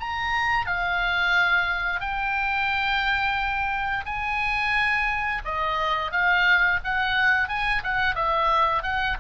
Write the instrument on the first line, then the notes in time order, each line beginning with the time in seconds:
oboe
0.00 A#5
0.66 F5
2.01 G5
4.06 G#5
5.45 D#5
6.12 F5
6.84 F#5
7.48 G#5
7.83 F#5
8.15 E5
8.83 F#5